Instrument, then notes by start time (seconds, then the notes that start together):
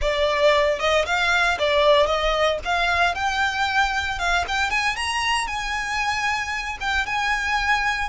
violin
0.01 D5
0.79 D#5
1.05 F5
1.58 D5
2.06 D#5
2.64 F5
3.14 G5
4.19 F5
4.48 G5
4.70 G#5
4.96 A#5
5.47 G#5
6.80 G5
7.06 G#5